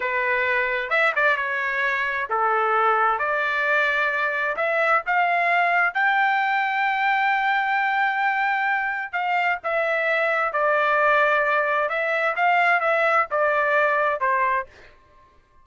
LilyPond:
\new Staff \with { instrumentName = "trumpet" } { \time 4/4 \tempo 4 = 131 b'2 e''8 d''8 cis''4~ | cis''4 a'2 d''4~ | d''2 e''4 f''4~ | f''4 g''2.~ |
g''1 | f''4 e''2 d''4~ | d''2 e''4 f''4 | e''4 d''2 c''4 | }